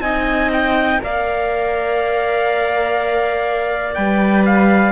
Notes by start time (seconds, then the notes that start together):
0.00 C4 D#4 D#5 G#5
0.52 G5
0.99 A#3 A#4 D5 F5
3.94 G3 B4 G5
4.45 F5